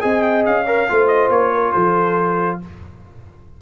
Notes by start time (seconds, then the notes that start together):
0.00 C4 G#4 D#5 G#5
0.22 G5
0.45 C#4 F5
0.65 A#4 C#5
0.88 A3 F4 C5
1.07 D#5
1.29 A#3 C#5
1.54 A#4
1.72 F3 A4 C5